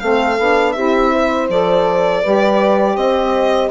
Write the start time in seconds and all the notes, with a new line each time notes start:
0.00 A3 C4 A4 F5
0.39 B3 D4
0.73 C4 E4 G4 E5
1.12 C5
1.49 F3 A4 D5
2.23 G3 G4 B4
2.95 C4 C5 D#5